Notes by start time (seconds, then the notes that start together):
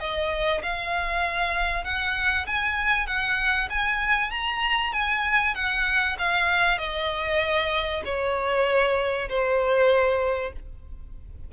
0.00 D#5
0.63 F5
1.85 F#5
2.47 G#5
3.07 F#5
3.71 G#5
4.31 A#5
4.93 G#5
5.55 F#5
6.19 F5
6.79 D#5
8.06 C#5
9.29 C5